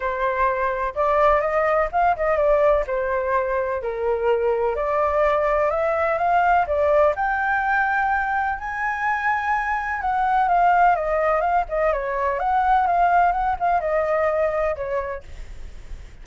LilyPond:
\new Staff \with { instrumentName = "flute" } { \time 4/4 \tempo 4 = 126 c''2 d''4 dis''4 | f''8 dis''8 d''4 c''2 | ais'2 d''2 | e''4 f''4 d''4 g''4~ |
g''2 gis''2~ | gis''4 fis''4 f''4 dis''4 | f''8 dis''8 cis''4 fis''4 f''4 | fis''8 f''8 dis''2 cis''4 | }